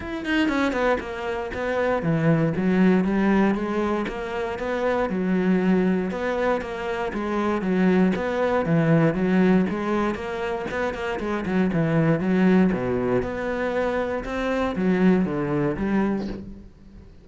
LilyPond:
\new Staff \with { instrumentName = "cello" } { \time 4/4 \tempo 4 = 118 e'8 dis'8 cis'8 b8 ais4 b4 | e4 fis4 g4 gis4 | ais4 b4 fis2 | b4 ais4 gis4 fis4 |
b4 e4 fis4 gis4 | ais4 b8 ais8 gis8 fis8 e4 | fis4 b,4 b2 | c'4 fis4 d4 g4 | }